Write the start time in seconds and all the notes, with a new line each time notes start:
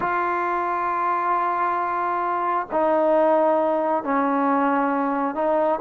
0.00 F4
2.71 D#4
4.03 C#4
5.34 D#4